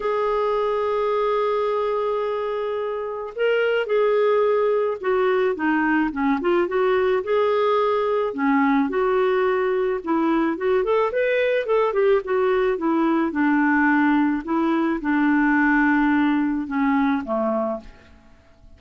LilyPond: \new Staff \with { instrumentName = "clarinet" } { \time 4/4 \tempo 4 = 108 gis'1~ | gis'2 ais'4 gis'4~ | gis'4 fis'4 dis'4 cis'8 f'8 | fis'4 gis'2 cis'4 |
fis'2 e'4 fis'8 a'8 | b'4 a'8 g'8 fis'4 e'4 | d'2 e'4 d'4~ | d'2 cis'4 a4 | }